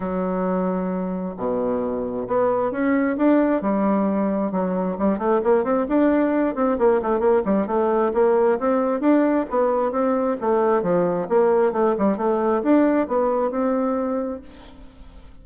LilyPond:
\new Staff \with { instrumentName = "bassoon" } { \time 4/4 \tempo 4 = 133 fis2. b,4~ | b,4 b4 cis'4 d'4 | g2 fis4 g8 a8 | ais8 c'8 d'4. c'8 ais8 a8 |
ais8 g8 a4 ais4 c'4 | d'4 b4 c'4 a4 | f4 ais4 a8 g8 a4 | d'4 b4 c'2 | }